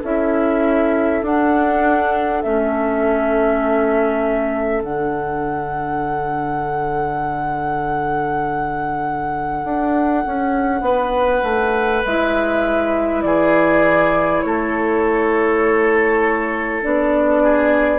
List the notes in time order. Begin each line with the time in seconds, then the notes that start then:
0.00 C#4 E4 A4 E5
1.23 D4 F#5
2.43 A3 C#4 E5
4.82 D3 D4 F#5
9.64 D4
10.27 C#4
10.81 B3 B4
11.44 A3
12.05 G#3 E4 E5
13.22 E3 G#4 D5
14.42 A3 A4 C#5
16.83 B3 D4 D5
17.43 G#4